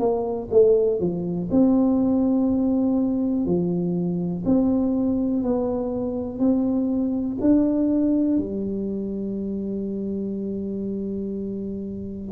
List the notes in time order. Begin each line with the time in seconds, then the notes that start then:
0.00 A#3
0.52 A3
1.00 F3
1.52 C4
3.46 F3
4.46 C4
5.44 B3
6.40 C4
7.41 D4
8.38 G3